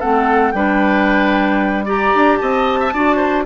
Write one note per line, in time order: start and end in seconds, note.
0.00 0.54 A3
0.00 0.54 C4
0.00 0.53 A4
0.00 0.52 F#5
0.52 2.13 G3
0.52 1.86 D4
0.52 1.85 B4
0.52 1.85 G5
1.85 2.92 G4
1.85 2.38 D5
1.85 2.37 A#5
2.15 2.41 D4
2.37 2.94 C4
2.37 2.80 D#5
2.37 3.43 A5
2.80 2.94 E5
2.94 3.46 D4
2.94 3.46 F#4
2.94 3.17 D5
3.17 3.43 C5